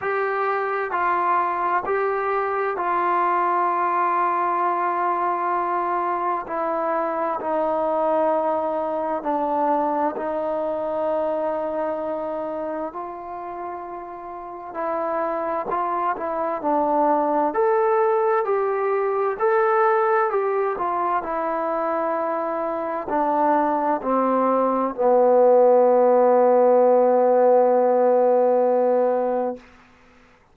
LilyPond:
\new Staff \with { instrumentName = "trombone" } { \time 4/4 \tempo 4 = 65 g'4 f'4 g'4 f'4~ | f'2. e'4 | dis'2 d'4 dis'4~ | dis'2 f'2 |
e'4 f'8 e'8 d'4 a'4 | g'4 a'4 g'8 f'8 e'4~ | e'4 d'4 c'4 b4~ | b1 | }